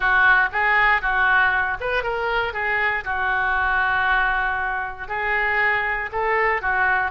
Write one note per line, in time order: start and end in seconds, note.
0.00 0.49 F#4
0.52 1.01 G#4
1.01 1.77 F#4
1.80 2.03 B4
2.03 2.53 A#4
2.53 3.04 G#4
3.04 5.07 F#4
5.08 6.09 G#4
6.11 6.61 A4
6.61 7.11 F#4